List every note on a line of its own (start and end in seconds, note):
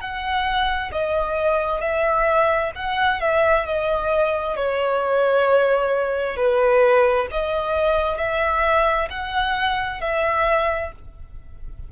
0.00 0.91 F#5
0.92 1.81 D#5
1.81 2.71 E5
2.75 3.20 F#5
3.20 3.66 E5
3.66 4.56 D#5
4.56 6.36 C#5
6.36 7.27 B4
7.31 8.17 D#5
8.17 9.08 E5
9.10 10.01 F#5
10.01 10.92 E5